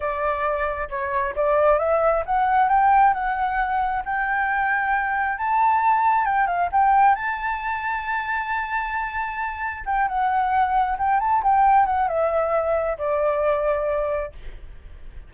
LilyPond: \new Staff \with { instrumentName = "flute" } { \time 4/4 \tempo 4 = 134 d''2 cis''4 d''4 | e''4 fis''4 g''4 fis''4~ | fis''4 g''2. | a''2 g''8 f''8 g''4 |
a''1~ | a''2 g''8 fis''4.~ | fis''8 g''8 a''8 g''4 fis''8 e''4~ | e''4 d''2. | }